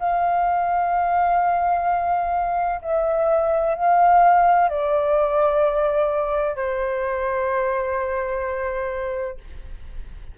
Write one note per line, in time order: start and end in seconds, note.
0.00 2.81 F5
2.82 3.75 E5
3.75 4.69 F5
4.69 6.57 D5
6.57 9.38 C5